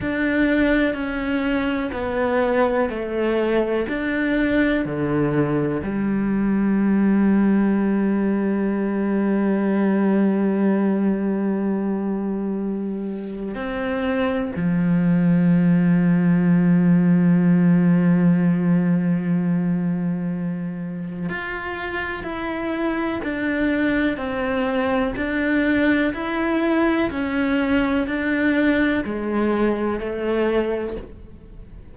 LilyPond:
\new Staff \with { instrumentName = "cello" } { \time 4/4 \tempo 4 = 62 d'4 cis'4 b4 a4 | d'4 d4 g2~ | g1~ | g2 c'4 f4~ |
f1~ | f2 f'4 e'4 | d'4 c'4 d'4 e'4 | cis'4 d'4 gis4 a4 | }